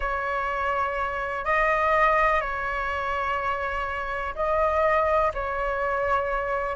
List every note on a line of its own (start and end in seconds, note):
0.00 1.45 C#5
1.45 2.40 D#5
2.40 4.34 C#5
4.35 5.32 D#5
5.34 6.75 C#5